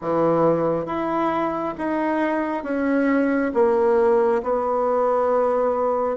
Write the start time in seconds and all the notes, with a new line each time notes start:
0.01 E3
0.86 E4
1.78 D#4
2.63 C#4
3.53 A#3
4.42 B3